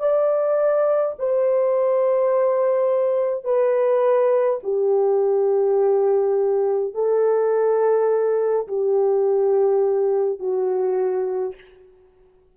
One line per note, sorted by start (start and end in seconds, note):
0.00 1.15 D5
1.19 3.45 C5
3.45 4.60 B4
4.64 6.94 G4
6.94 8.67 A4
8.67 10.40 G4
10.40 11.55 F#4